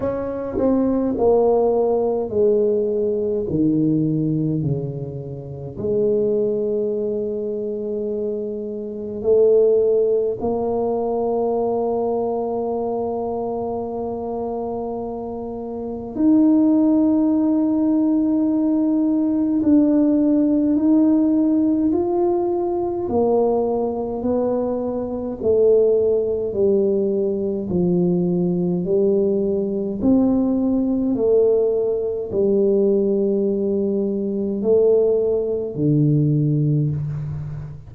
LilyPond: \new Staff \with { instrumentName = "tuba" } { \time 4/4 \tempo 4 = 52 cis'8 c'8 ais4 gis4 dis4 | cis4 gis2. | a4 ais2.~ | ais2 dis'2~ |
dis'4 d'4 dis'4 f'4 | ais4 b4 a4 g4 | f4 g4 c'4 a4 | g2 a4 d4 | }